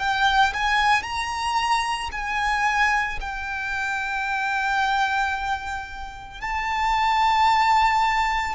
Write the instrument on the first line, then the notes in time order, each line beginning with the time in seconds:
violin
0.00 G5
0.54 G#5
1.03 A#5
2.12 G#5
3.21 G5
6.41 A5